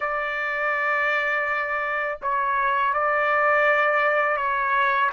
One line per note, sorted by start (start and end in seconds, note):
0.00 2.18 D5
2.22 2.93 C#5
2.93 4.36 D5
4.36 5.10 C#5